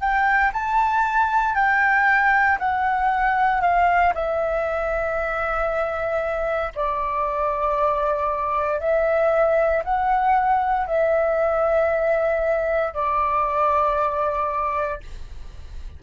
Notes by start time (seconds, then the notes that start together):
0.00 G5
0.53 A5
1.55 G5
2.59 F#5
3.62 F5
4.15 E5
6.76 D5
8.80 E5
9.84 F#5
10.87 E5
12.94 D5